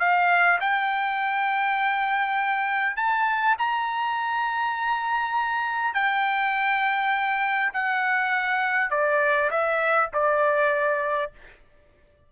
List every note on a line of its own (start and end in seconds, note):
0.00 0.59 F5
0.60 2.97 G5
2.97 3.56 A5
3.59 5.94 A#5
5.94 7.73 G5
7.73 8.91 F#5
8.91 9.50 D5
9.51 10.10 E5
10.13 11.32 D5